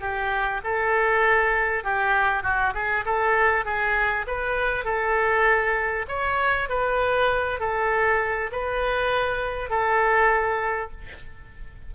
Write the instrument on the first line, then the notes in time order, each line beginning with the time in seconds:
oboe
0.00 G4
0.64 A4
1.83 G4
2.43 F#4
2.74 G#4
3.05 A4
3.65 G#4
4.27 B4
4.85 A4
6.08 C#5
6.69 B4
7.60 A4
8.52 B4
9.70 A4